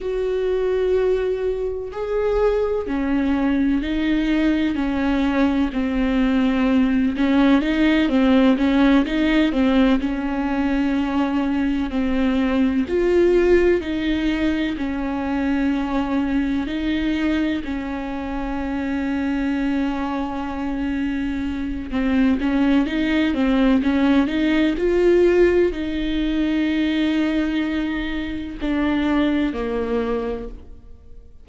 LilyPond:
\new Staff \with { instrumentName = "viola" } { \time 4/4 \tempo 4 = 63 fis'2 gis'4 cis'4 | dis'4 cis'4 c'4. cis'8 | dis'8 c'8 cis'8 dis'8 c'8 cis'4.~ | cis'8 c'4 f'4 dis'4 cis'8~ |
cis'4. dis'4 cis'4.~ | cis'2. c'8 cis'8 | dis'8 c'8 cis'8 dis'8 f'4 dis'4~ | dis'2 d'4 ais4 | }